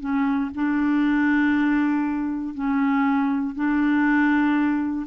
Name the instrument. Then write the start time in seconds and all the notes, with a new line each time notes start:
clarinet
0.00 C#4
0.55 D4
2.54 C#4
3.55 D4